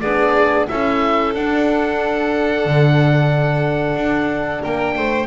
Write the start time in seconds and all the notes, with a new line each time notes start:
0.00 B3 D4 G#4 D5
0.68 C#4 E4 A4 E5
1.34 D4 F#5
2.65 D3
3.95 D4
4.61 A#3 A#4 G5
4.96 A3 C5